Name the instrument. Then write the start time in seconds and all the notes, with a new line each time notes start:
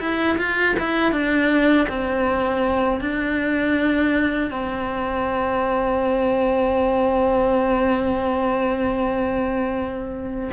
cello
0.00 E4
0.38 F4
0.79 E4
1.12 D4
1.89 C4
3.01 D4
4.50 C4